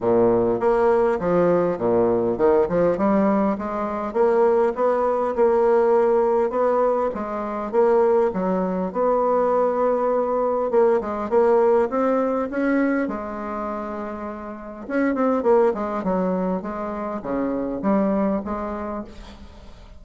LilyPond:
\new Staff \with { instrumentName = "bassoon" } { \time 4/4 \tempo 4 = 101 ais,4 ais4 f4 ais,4 | dis8 f8 g4 gis4 ais4 | b4 ais2 b4 | gis4 ais4 fis4 b4~ |
b2 ais8 gis8 ais4 | c'4 cis'4 gis2~ | gis4 cis'8 c'8 ais8 gis8 fis4 | gis4 cis4 g4 gis4 | }